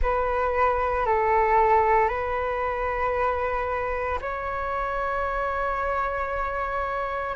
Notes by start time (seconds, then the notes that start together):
0.02 B4
1.06 A4
2.08 B4
4.21 C#5